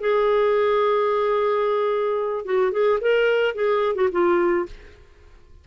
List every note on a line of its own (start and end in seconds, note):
0.00 2.45 G#4
2.45 2.71 F#4
2.71 2.99 G#4
3.00 3.55 A#4
3.55 3.95 G#4
3.95 4.09 F#4
4.11 4.66 F4